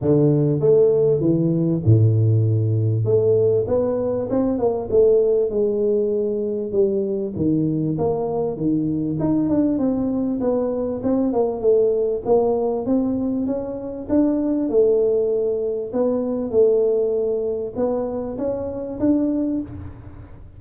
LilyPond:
\new Staff \with { instrumentName = "tuba" } { \time 4/4 \tempo 4 = 98 d4 a4 e4 a,4~ | a,4 a4 b4 c'8 ais8 | a4 gis2 g4 | dis4 ais4 dis4 dis'8 d'8 |
c'4 b4 c'8 ais8 a4 | ais4 c'4 cis'4 d'4 | a2 b4 a4~ | a4 b4 cis'4 d'4 | }